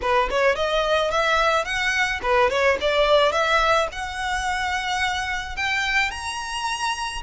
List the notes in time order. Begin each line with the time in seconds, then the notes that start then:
0.01 B4
0.30 C#5
0.55 D#5
1.11 E5
1.65 F#5
2.22 B4
2.49 C#5
2.80 D5
3.32 E5
3.92 F#5
5.56 G5
6.11 A#5